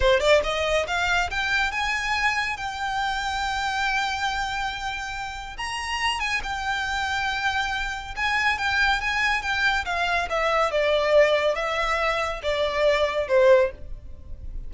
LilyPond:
\new Staff \with { instrumentName = "violin" } { \time 4/4 \tempo 4 = 140 c''8 d''8 dis''4 f''4 g''4 | gis''2 g''2~ | g''1~ | g''4 ais''4. gis''8 g''4~ |
g''2. gis''4 | g''4 gis''4 g''4 f''4 | e''4 d''2 e''4~ | e''4 d''2 c''4 | }